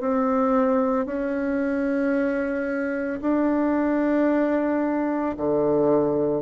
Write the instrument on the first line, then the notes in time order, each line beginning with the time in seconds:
bassoon
0.00 C4
1.06 C#4
3.21 D4
5.37 D3